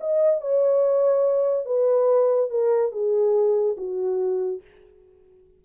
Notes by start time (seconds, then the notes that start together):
0.00 D#5
0.41 C#5
1.66 B4
2.50 A#4
2.92 G#4
3.77 F#4